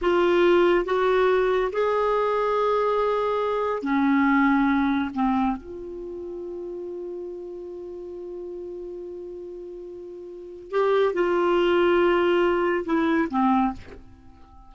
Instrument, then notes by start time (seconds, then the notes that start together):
clarinet
0.01 F4
0.85 F#4
1.72 G#4
3.82 C#4
5.14 C4
5.56 F4
10.70 G4
11.13 F4
12.85 E4
13.30 C4